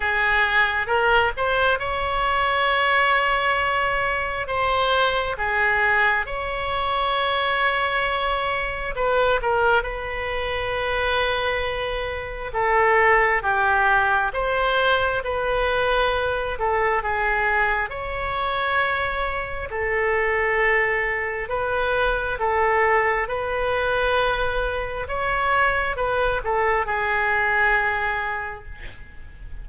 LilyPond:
\new Staff \with { instrumentName = "oboe" } { \time 4/4 \tempo 4 = 67 gis'4 ais'8 c''8 cis''2~ | cis''4 c''4 gis'4 cis''4~ | cis''2 b'8 ais'8 b'4~ | b'2 a'4 g'4 |
c''4 b'4. a'8 gis'4 | cis''2 a'2 | b'4 a'4 b'2 | cis''4 b'8 a'8 gis'2 | }